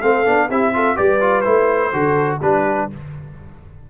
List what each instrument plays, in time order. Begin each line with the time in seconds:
0.00 tuba A3, trombone C4, horn A4, trumpet F5
0.25 tuba B3, trombone D4
0.49 tuba C4, trombone E4, horn G4, trumpet E5
0.73 trombone F4, horn A4
0.96 tuba G3, trombone G4, horn B4, trumpet D5
1.20 trombone F4
1.41 tuba A3, trombone E4, trumpet C5
1.93 tuba D3, trombone F#4, horn A4
2.41 tuba G3, trombone D4, horn G4, trumpet B4